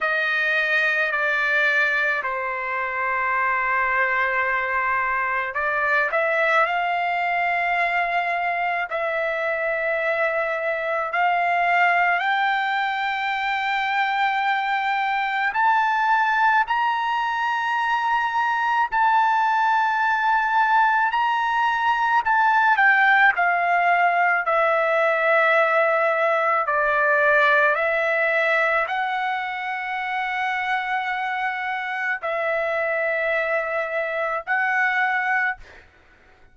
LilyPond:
\new Staff \with { instrumentName = "trumpet" } { \time 4/4 \tempo 4 = 54 dis''4 d''4 c''2~ | c''4 d''8 e''8 f''2 | e''2 f''4 g''4~ | g''2 a''4 ais''4~ |
ais''4 a''2 ais''4 | a''8 g''8 f''4 e''2 | d''4 e''4 fis''2~ | fis''4 e''2 fis''4 | }